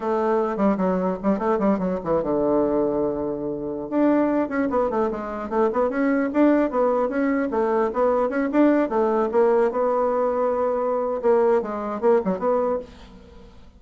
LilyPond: \new Staff \with { instrumentName = "bassoon" } { \time 4/4 \tempo 4 = 150 a4. g8 fis4 g8 a8 | g8 fis8 e8 d2~ d8~ | d4.~ d16 d'4. cis'8 b16~ | b16 a8 gis4 a8 b8 cis'4 d'16~ |
d'8. b4 cis'4 a4 b16~ | b8. cis'8 d'4 a4 ais8.~ | ais16 b2.~ b8. | ais4 gis4 ais8 fis8 b4 | }